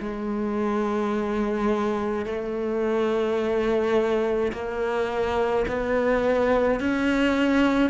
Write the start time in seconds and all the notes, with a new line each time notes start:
0.00 G#3
2.26 A3
4.53 A#3
5.68 B3
6.80 C#4